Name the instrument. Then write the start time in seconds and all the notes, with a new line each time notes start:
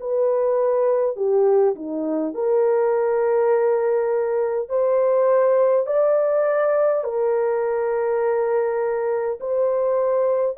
horn
0.00 B4
1.16 G4
1.75 D#4
2.34 A#4
4.69 C5
5.87 D5
7.04 A#4
9.40 C5